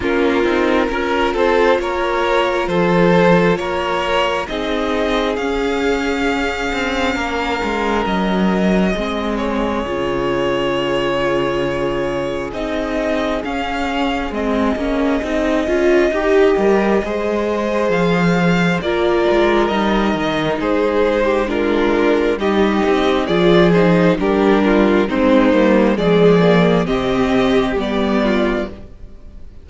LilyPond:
<<
  \new Staff \with { instrumentName = "violin" } { \time 4/4 \tempo 4 = 67 ais'4. c''8 cis''4 c''4 | cis''4 dis''4 f''2~ | f''4 dis''4. cis''4.~ | cis''2 dis''4 f''4 |
dis''1 | f''4 d''4 dis''4 c''4 | ais'4 dis''4 d''8 c''8 ais'4 | c''4 d''4 dis''4 d''4 | }
  \new Staff \with { instrumentName = "violin" } { \time 4/4 f'4 ais'8 a'8 ais'4 a'4 | ais'4 gis'2. | ais'2 gis'2~ | gis'1~ |
gis'2 g'4 c''4~ | c''4 ais'2 gis'8. g'16 | f'4 g'4 gis'4 g'8 f'8 | dis'4 gis'4 g'4. f'8 | }
  \new Staff \with { instrumentName = "viola" } { \time 4/4 cis'8 dis'8 f'2.~ | f'4 dis'4 cis'2~ | cis'2 c'4 f'4~ | f'2 dis'4 cis'4 |
c'8 cis'8 dis'8 f'8 g'8 ais'8 gis'4~ | gis'4 f'4 dis'2 | d'4 dis'4 f'8 dis'8 d'4 | c'8 ais8 gis8 ais8 c'4 b4 | }
  \new Staff \with { instrumentName = "cello" } { \time 4/4 ais8 c'8 cis'8 c'8 ais4 f4 | ais4 c'4 cis'4. c'8 | ais8 gis8 fis4 gis4 cis4~ | cis2 c'4 cis'4 |
gis8 ais8 c'8 cis'8 dis'8 g8 gis4 | f4 ais8 gis8 g8 dis8 gis4~ | gis4 g8 c'8 f4 g4 | gis8 g8 f4 c4 g4 | }
>>